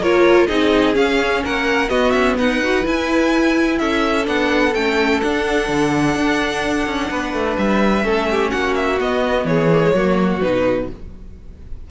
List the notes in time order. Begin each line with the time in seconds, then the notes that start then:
0.00 A#3 F4 A#4 C#5
0.47 C4 D#4 G#4 D#5
0.94 C#4 F5
1.44 A#3 A#4 F#5
1.89 B3 F#4 D#5
2.11 C#4 E5
2.38 D#4 B4 F#5
2.63 F#4
2.82 E4 G#5
3.79 C#4 A4 E5
4.25 B3 D4 F#5
4.74 A3 C#4 G5
5.21 D4 F#5
5.69 D3
6.16 D4
6.87 C#4
7.11 B3 B4
7.33 A3
7.58 G3 E5
8.02 A3 C#4 A4
8.31 G4
8.51 A#3 F#4 F#5
8.75 E5
9.00 B3 D#5
9.45 E3 G#4 C#5
9.72 A#3
9.83 G#3
9.94 F#3 A#3 F#4
10.41 B2 D#4 B4